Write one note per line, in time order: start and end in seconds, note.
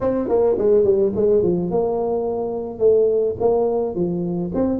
0.00 0.28 C4
0.28 0.56 A#3
0.58 0.84 G#3
0.84 1.12 G3
1.15 1.42 G#3
1.42 1.70 F3
1.70 2.79 A#3
2.79 3.35 A3
3.40 3.95 A#3
3.95 4.51 F3
4.54 4.79 C4